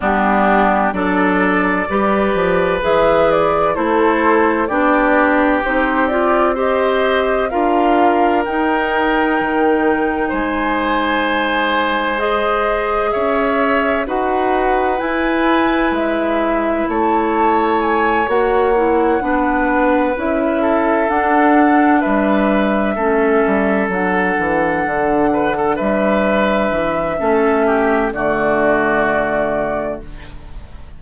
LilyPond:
<<
  \new Staff \with { instrumentName = "flute" } { \time 4/4 \tempo 4 = 64 g'4 d''2 e''8 d''8 | c''4 d''4 c''8 d''8 dis''4 | f''4 g''2 gis''4~ | gis''4 dis''4 e''4 fis''4 |
gis''4 e''4 a''4 gis''8 fis''8~ | fis''4. e''4 fis''4 e''8~ | e''4. fis''2 e''8~ | e''2 d''2 | }
  \new Staff \with { instrumentName = "oboe" } { \time 4/4 d'4 a'4 b'2 | a'4 g'2 c''4 | ais'2. c''4~ | c''2 cis''4 b'4~ |
b'2 cis''2~ | cis''8 b'4. a'4. b'8~ | b'8 a'2~ a'8 b'16 a'16 b'8~ | b'4 a'8 g'8 fis'2 | }
  \new Staff \with { instrumentName = "clarinet" } { \time 4/4 b4 d'4 g'4 gis'4 | e'4 d'4 dis'8 f'8 g'4 | f'4 dis'2.~ | dis'4 gis'2 fis'4 |
e'2.~ e'8 fis'8 | e'8 d'4 e'4 d'4.~ | d'8 cis'4 d'2~ d'8~ | d'4 cis'4 a2 | }
  \new Staff \with { instrumentName = "bassoon" } { \time 4/4 g4 fis4 g8 f8 e4 | a4 b4 c'2 | d'4 dis'4 dis4 gis4~ | gis2 cis'4 dis'4 |
e'4 gis4 a4. ais8~ | ais8 b4 cis'4 d'4 g8~ | g8 a8 g8 fis8 e8 d4 g8~ | g8 e8 a4 d2 | }
>>